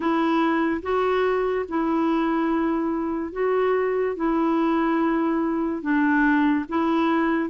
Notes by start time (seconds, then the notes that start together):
0.00 E4
0.82 F#4
1.68 E4
3.32 F#4
4.16 E4
5.81 D4
6.68 E4